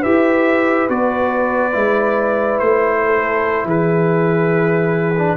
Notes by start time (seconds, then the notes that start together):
0.00 E4 G4 B4 E5
0.89 B3 F#4 D5
1.72 G#3 E4
2.59 A3 C5
3.05 A4
3.65 E3 G#4 B4
5.18 D4